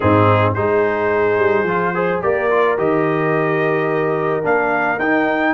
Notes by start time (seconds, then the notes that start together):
0.00 G#2 C4 D#4 G#4
0.54 G#3 D#4 G#4 C5
1.37 G3
1.63 F3 F4
1.94 G#4 C5
2.21 A#3 G4 A#4 D5
2.50 F4
2.77 D#3 G4 D#5
4.42 A#3 D4 F5
4.98 D#4 G5